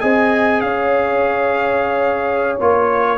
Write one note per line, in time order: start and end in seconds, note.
0.00 0.61 C4
0.00 2.58 G#4
0.00 0.61 D#5
0.00 0.61 G#5
0.61 2.58 C#4
0.61 3.18 C#5
0.61 2.58 F5
2.61 3.18 A#3
2.61 3.18 F4
2.61 3.18 C#5